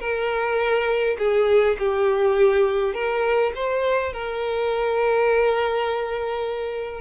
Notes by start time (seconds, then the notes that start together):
0.00 A#4
1.18 G#4
1.78 G4
2.94 A#4
3.55 C5
4.13 A#4